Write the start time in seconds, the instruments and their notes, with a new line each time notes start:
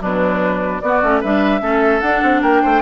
0.00 bassoon B2, clarinet F#3, oboe D4, flute B4
0.81 bassoon B3, clarinet B3, oboe F#4, flute D5
1.03 bassoon A3, clarinet C#4
1.20 bassoon G3, clarinet D4, oboe B4, flute E5
1.61 bassoon A3, clarinet C#4, oboe A4
2.00 bassoon D4, clarinet D4, flute F#5
2.23 bassoon C4
2.41 bassoon A#3, oboe A#4, flute G5
2.62 bassoon A3, oboe C5